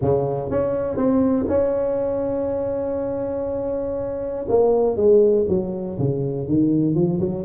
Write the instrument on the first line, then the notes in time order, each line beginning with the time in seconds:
tuba
0.01 C#3
0.50 C#4
0.96 C4
1.48 C#4
4.48 A#3
4.96 G#3
5.48 F#3
5.98 C#3
6.47 D#3
6.94 F3
7.20 F#3